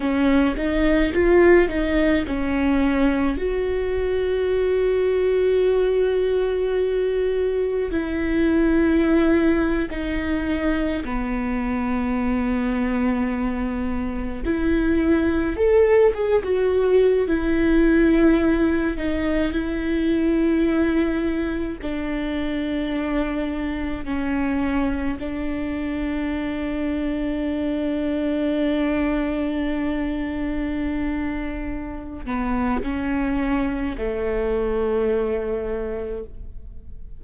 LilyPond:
\new Staff \with { instrumentName = "viola" } { \time 4/4 \tempo 4 = 53 cis'8 dis'8 f'8 dis'8 cis'4 fis'4~ | fis'2. e'4~ | e'8. dis'4 b2~ b16~ | b8. e'4 a'8 gis'16 fis'8. e'8.~ |
e'8. dis'8 e'2 d'8.~ | d'4~ d'16 cis'4 d'4.~ d'16~ | d'1~ | d'8 b8 cis'4 a2 | }